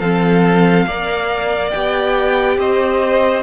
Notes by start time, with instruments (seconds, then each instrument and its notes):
0.00 cello F3, viola C4, violin A4 F5
0.86 cello A#3, viola A#4, violin D5
1.71 cello B3, viola G4, violin G5
2.58 cello C4, violin C5 D#5